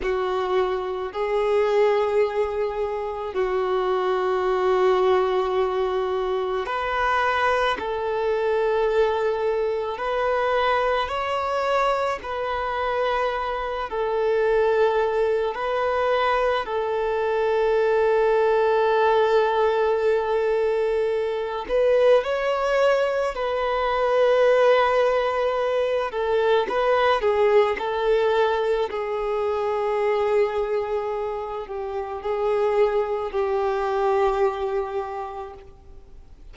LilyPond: \new Staff \with { instrumentName = "violin" } { \time 4/4 \tempo 4 = 54 fis'4 gis'2 fis'4~ | fis'2 b'4 a'4~ | a'4 b'4 cis''4 b'4~ | b'8 a'4. b'4 a'4~ |
a'2.~ a'8 b'8 | cis''4 b'2~ b'8 a'8 | b'8 gis'8 a'4 gis'2~ | gis'8 g'8 gis'4 g'2 | }